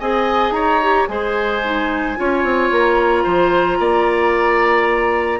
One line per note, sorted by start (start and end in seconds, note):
0.00 0.51 C4
0.00 0.82 G#4
0.00 0.54 D#5
0.00 0.53 G#5
0.51 1.05 D#4
0.51 1.09 C#5
0.51 1.07 A#5
0.82 1.09 G4
1.08 2.17 G#3
1.08 1.63 G#4
1.08 2.19 C5
1.08 2.70 G#5
1.64 2.17 D#4
2.17 2.43 C#4
2.17 5.40 F4
2.17 3.24 C#5
2.43 2.70 C4
2.71 3.25 A#3
2.71 5.40 A#5
3.24 3.79 F3
3.24 3.78 C5
3.79 5.40 A#3
3.79 5.40 D5